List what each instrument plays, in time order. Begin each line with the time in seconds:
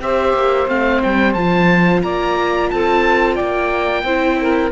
0.00 cello C4, viola G4, saxophone C5, oboe E5
0.33 cello A#3
0.67 cello A3, viola C4, oboe F5
1.03 cello G3, oboe G5
1.33 cello F3, viola F4, oboe A5
2.03 cello A#3, saxophone D5, oboe A#5
2.70 cello C4, saxophone A4, oboe A5
3.34 cello A#3, saxophone D5, oboe G5
4.03 cello C4, viola E4, saxophone C5
4.41 saxophone A#4